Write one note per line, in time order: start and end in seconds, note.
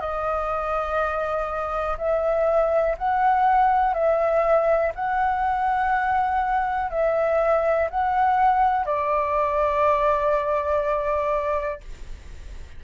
0.00 1.97 D#5
1.98 2.96 E5
2.98 3.94 F#5
3.94 4.92 E5
4.95 6.91 F#5
6.91 7.89 E5
7.90 8.85 F#5
8.85 11.80 D5